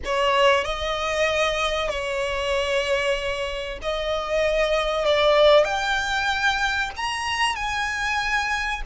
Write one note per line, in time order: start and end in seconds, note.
0.04 0.64 C#5
0.64 1.89 D#5
1.89 3.79 C#5
3.82 5.05 D#5
5.05 5.64 D5
5.64 6.90 G5
6.96 7.55 A#5
7.55 8.82 G#5